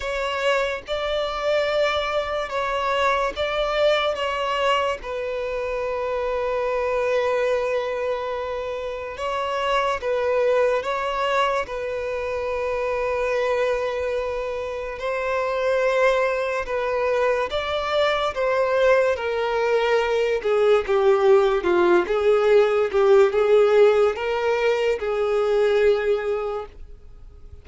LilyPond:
\new Staff \with { instrumentName = "violin" } { \time 4/4 \tempo 4 = 72 cis''4 d''2 cis''4 | d''4 cis''4 b'2~ | b'2. cis''4 | b'4 cis''4 b'2~ |
b'2 c''2 | b'4 d''4 c''4 ais'4~ | ais'8 gis'8 g'4 f'8 gis'4 g'8 | gis'4 ais'4 gis'2 | }